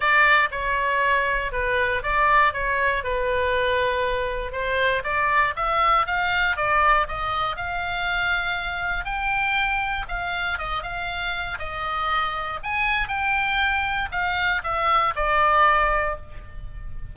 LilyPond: \new Staff \with { instrumentName = "oboe" } { \time 4/4 \tempo 4 = 119 d''4 cis''2 b'4 | d''4 cis''4 b'2~ | b'4 c''4 d''4 e''4 | f''4 d''4 dis''4 f''4~ |
f''2 g''2 | f''4 dis''8 f''4. dis''4~ | dis''4 gis''4 g''2 | f''4 e''4 d''2 | }